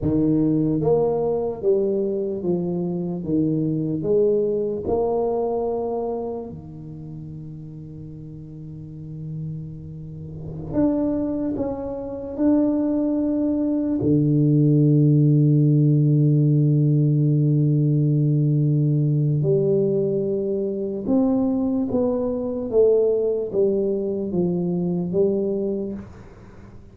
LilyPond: \new Staff \with { instrumentName = "tuba" } { \time 4/4 \tempo 4 = 74 dis4 ais4 g4 f4 | dis4 gis4 ais2 | dis1~ | dis4~ dis16 d'4 cis'4 d'8.~ |
d'4~ d'16 d2~ d8.~ | d1 | g2 c'4 b4 | a4 g4 f4 g4 | }